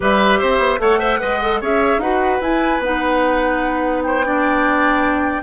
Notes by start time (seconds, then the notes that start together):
0.00 G3 G4 B4 E5
0.39 C4 C5
0.58 B3
0.79 A3 A4 C#5 F#5
0.98 C5 E5
1.19 G#3 B4 D#5
1.42 A4
1.60 C#4 G#4 C#5 E5
1.98 D#4 F#4 B4 F#5
2.41 E4 G#5
2.79 B3 D#4 F#5
4.03 C5 G5
4.24 D4 D5